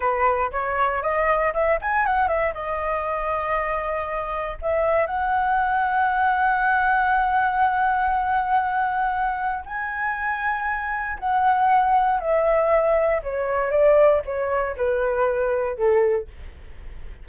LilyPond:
\new Staff \with { instrumentName = "flute" } { \time 4/4 \tempo 4 = 118 b'4 cis''4 dis''4 e''8 gis''8 | fis''8 e''8 dis''2.~ | dis''4 e''4 fis''2~ | fis''1~ |
fis''2. gis''4~ | gis''2 fis''2 | e''2 cis''4 d''4 | cis''4 b'2 a'4 | }